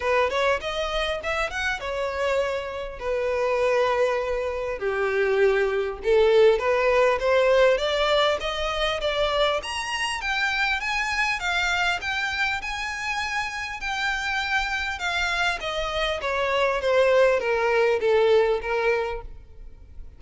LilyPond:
\new Staff \with { instrumentName = "violin" } { \time 4/4 \tempo 4 = 100 b'8 cis''8 dis''4 e''8 fis''8 cis''4~ | cis''4 b'2. | g'2 a'4 b'4 | c''4 d''4 dis''4 d''4 |
ais''4 g''4 gis''4 f''4 | g''4 gis''2 g''4~ | g''4 f''4 dis''4 cis''4 | c''4 ais'4 a'4 ais'4 | }